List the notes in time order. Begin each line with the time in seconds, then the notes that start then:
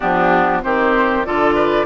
0.00 F3 B3 D4 G4
0.62 D#3 C4 G4 C5
1.25 D3 F4 A4 D5
1.54 B4